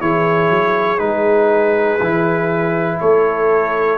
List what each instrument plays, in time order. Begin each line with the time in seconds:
0.00 tuba E3, trombone E4, horn G#4, trumpet C#5
0.50 tuba F#3
0.98 tuba G#3, trombone D#4, trumpet B4
2.00 tuba E3, trombone E4
3.00 tuba A3, horn A4, trumpet C#5